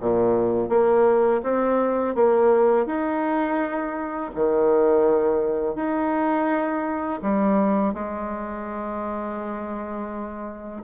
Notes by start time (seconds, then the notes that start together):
0.00 A#2
0.69 A#3
1.43 C4
2.15 A#3
2.86 D#4
4.35 D#3
5.75 D#4
7.22 G3
7.94 G#3